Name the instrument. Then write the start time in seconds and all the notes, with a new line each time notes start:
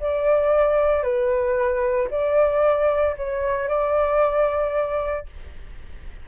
flute
0.00 D5
1.03 B4
2.11 D5
3.17 C#5
3.69 D5